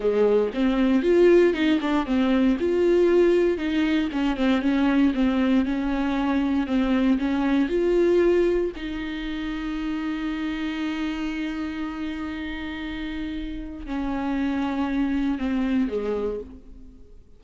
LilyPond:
\new Staff \with { instrumentName = "viola" } { \time 4/4 \tempo 4 = 117 gis4 c'4 f'4 dis'8 d'8 | c'4 f'2 dis'4 | cis'8 c'8 cis'4 c'4 cis'4~ | cis'4 c'4 cis'4 f'4~ |
f'4 dis'2.~ | dis'1~ | dis'2. cis'4~ | cis'2 c'4 gis4 | }